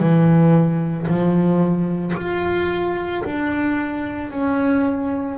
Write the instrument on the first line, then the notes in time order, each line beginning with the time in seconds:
double bass
0.00 E3
1.08 F3
2.16 F4
3.24 D4
4.31 C#4